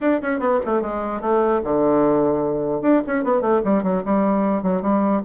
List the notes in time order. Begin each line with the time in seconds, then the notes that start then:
0.01 D4
0.21 C#4
0.39 B3
0.65 A3
0.81 G#3
1.21 A3
1.63 D3
2.81 D4
3.06 C#4
3.24 B3
3.41 A3
3.64 G3
3.83 F#3
4.04 G3
4.62 F#3
4.81 G3